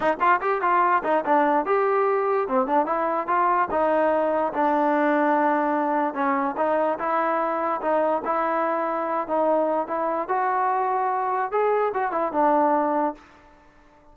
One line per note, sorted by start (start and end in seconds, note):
0.00 0.17 D#4
0.20 0.40 F4
0.41 0.61 G4
0.61 1.02 F4
1.03 1.24 D#4
1.25 1.65 D4
1.65 2.48 G4
2.48 2.66 C4
2.66 2.86 D4
2.86 3.27 E4
3.27 3.68 F4
3.70 4.53 D#4
4.53 6.14 D4
6.14 6.55 C#4
6.57 6.98 D#4
6.98 7.80 E4
7.81 8.22 D#4
8.25 9.27 E4
9.27 9.87 D#4
9.87 10.28 E4
10.28 11.51 F#4
11.51 11.92 G#4
11.94 12.11 F#4
12.11 12.32 E4
12.32 13.14 D4